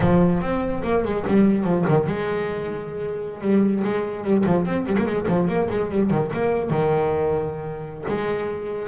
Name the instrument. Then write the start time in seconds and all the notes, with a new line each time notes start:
double bass
0.00 F3
0.41 C4
0.83 A#3
1.04 G#3
1.27 G3
1.63 F3
1.87 D#3
2.06 G#3
3.41 G3
3.84 G#3
4.23 G3
4.46 F3
4.65 C4
4.86 G3
4.97 A#3
5.06 G#3
5.28 F3
5.48 A#3
5.70 G#3
5.90 G3
6.10 D#3
6.33 A#3
6.70 D#3
8.07 G#3